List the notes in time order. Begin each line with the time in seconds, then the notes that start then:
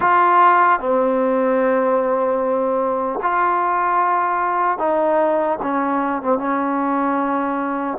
0.00 F4
0.79 C4
3.22 F4
4.78 D#4
5.62 C#4
6.21 C4
6.38 C#4